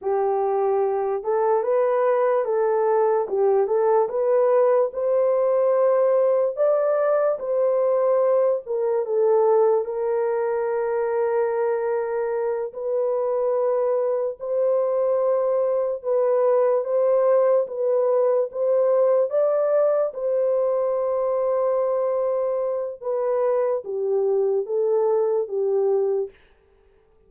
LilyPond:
\new Staff \with { instrumentName = "horn" } { \time 4/4 \tempo 4 = 73 g'4. a'8 b'4 a'4 | g'8 a'8 b'4 c''2 | d''4 c''4. ais'8 a'4 | ais'2.~ ais'8 b'8~ |
b'4. c''2 b'8~ | b'8 c''4 b'4 c''4 d''8~ | d''8 c''2.~ c''8 | b'4 g'4 a'4 g'4 | }